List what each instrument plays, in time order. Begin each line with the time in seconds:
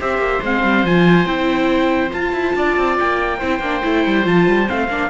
0.00 cello C4, viola G4, oboe C5, trumpet E5
0.18 cello A#3
0.42 cello G#3, viola C4, trumpet F5
0.63 cello G3
0.84 cello F3, viola F4, trumpet G#5
1.26 cello C4, viola E4, trumpet G5
2.10 viola F4, cello F4, trumpet A5
2.32 cello E4
2.56 cello D4, oboe D5
2.77 cello C4
2.99 cello A#3, trumpet G5
3.38 cello C4, viola E4, oboe C5
3.59 cello A#3, viola D4
3.82 cello A3, viola E4
4.06 cello G3
4.24 cello F3, viola F4, trumpet A5
4.47 cello G3
4.67 cello A3, viola C4, trumpet F5
4.88 cello A#3, viola D4